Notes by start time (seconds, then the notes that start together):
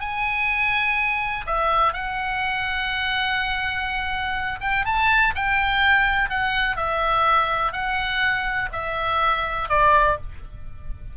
0.00 G#5
1.46 E5
1.93 F#5
4.61 G5
4.85 A5
5.35 G5
6.29 F#5
6.76 E5
7.72 F#5
8.72 E5
9.69 D5